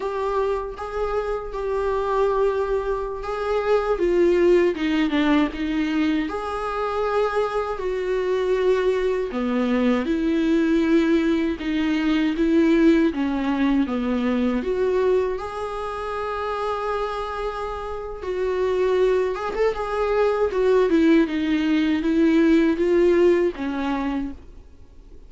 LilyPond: \new Staff \with { instrumentName = "viola" } { \time 4/4 \tempo 4 = 79 g'4 gis'4 g'2~ | g'16 gis'4 f'4 dis'8 d'8 dis'8.~ | dis'16 gis'2 fis'4.~ fis'16~ | fis'16 b4 e'2 dis'8.~ |
dis'16 e'4 cis'4 b4 fis'8.~ | fis'16 gis'2.~ gis'8. | fis'4. gis'16 a'16 gis'4 fis'8 e'8 | dis'4 e'4 f'4 cis'4 | }